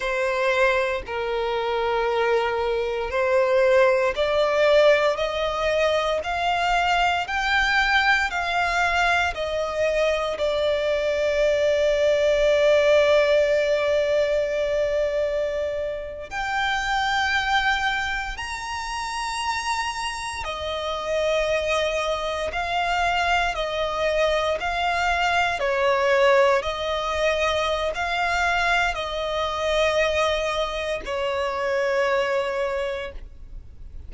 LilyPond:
\new Staff \with { instrumentName = "violin" } { \time 4/4 \tempo 4 = 58 c''4 ais'2 c''4 | d''4 dis''4 f''4 g''4 | f''4 dis''4 d''2~ | d''2.~ d''8. g''16~ |
g''4.~ g''16 ais''2 dis''16~ | dis''4.~ dis''16 f''4 dis''4 f''16~ | f''8. cis''4 dis''4~ dis''16 f''4 | dis''2 cis''2 | }